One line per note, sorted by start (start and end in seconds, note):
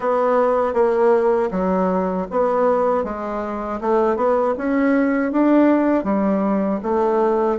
0.00 0.73 B3
0.73 1.49 A#3
1.51 2.27 F#3
2.30 3.03 B3
3.03 3.79 G#3
3.80 4.16 A3
4.16 4.54 B3
4.57 5.32 C#4
5.32 6.04 D4
6.04 6.80 G3
6.82 7.58 A3